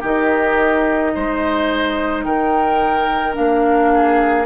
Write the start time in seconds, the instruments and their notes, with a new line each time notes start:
0.00 bassoon D#3, clarinet D#4, oboe G4, flute D#5
1.15 bassoon G#3, oboe C5
2.23 bassoon D#3, oboe A#4, flute G5
3.33 bassoon A#3, clarinet D4, flute F5
3.94 oboe G#4